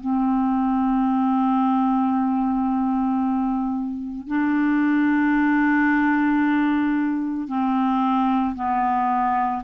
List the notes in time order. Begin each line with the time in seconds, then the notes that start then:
0.00 C4
4.27 D4
7.48 C4
8.55 B3